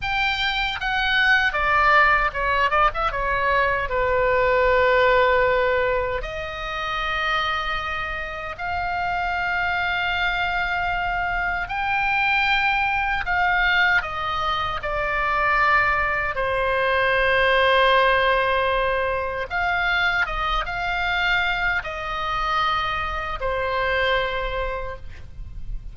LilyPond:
\new Staff \with { instrumentName = "oboe" } { \time 4/4 \tempo 4 = 77 g''4 fis''4 d''4 cis''8 d''16 e''16 | cis''4 b'2. | dis''2. f''4~ | f''2. g''4~ |
g''4 f''4 dis''4 d''4~ | d''4 c''2.~ | c''4 f''4 dis''8 f''4. | dis''2 c''2 | }